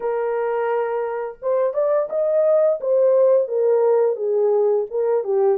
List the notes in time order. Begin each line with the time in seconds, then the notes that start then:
0.00 A#4
1.42 C5
1.73 D5
2.09 D#5
2.80 C5
3.48 A#4
4.15 G#4
4.90 A#4
5.23 G4